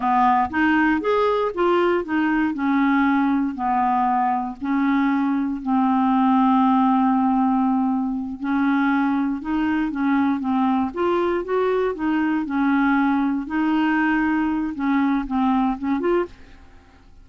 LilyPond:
\new Staff \with { instrumentName = "clarinet" } { \time 4/4 \tempo 4 = 118 b4 dis'4 gis'4 f'4 | dis'4 cis'2 b4~ | b4 cis'2 c'4~ | c'1~ |
c'8 cis'2 dis'4 cis'8~ | cis'8 c'4 f'4 fis'4 dis'8~ | dis'8 cis'2 dis'4.~ | dis'4 cis'4 c'4 cis'8 f'8 | }